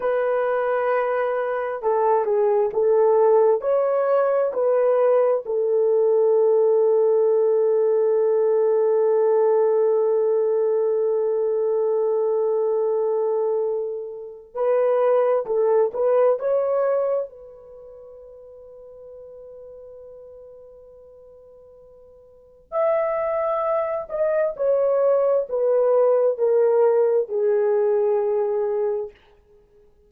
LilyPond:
\new Staff \with { instrumentName = "horn" } { \time 4/4 \tempo 4 = 66 b'2 a'8 gis'8 a'4 | cis''4 b'4 a'2~ | a'1~ | a'1 |
b'4 a'8 b'8 cis''4 b'4~ | b'1~ | b'4 e''4. dis''8 cis''4 | b'4 ais'4 gis'2 | }